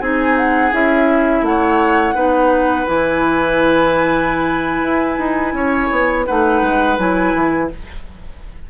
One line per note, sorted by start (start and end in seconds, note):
0.00 0.72 C4
0.00 0.72 D#4
0.00 1.45 G#4
0.00 0.36 G#5
0.38 0.74 F#5
0.72 1.42 C#4
0.72 2.15 E4
0.72 1.45 E5
1.42 2.13 A3
1.42 2.87 F#5
1.48 2.15 C#5
2.15 2.87 B3
2.15 2.86 D#4
2.15 5.54 B4
2.87 4.82 E3
2.87 6.26 E4
2.87 6.26 G#5
4.82 5.18 E4
5.19 5.54 D#4
5.54 5.89 C#4
5.54 6.26 C#5
5.91 6.27 B3
6.26 6.62 A3
6.26 6.99 D#4
6.26 7.69 B4
6.26 6.97 F#5
6.62 6.98 G#3
6.98 7.34 F#3
6.98 7.70 E4
6.98 7.70 G#5
7.34 7.70 E3